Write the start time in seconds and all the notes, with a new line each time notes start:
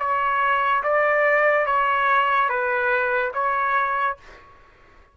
0.00 C#5
0.83 D5
1.66 C#5
2.50 B4
3.34 C#5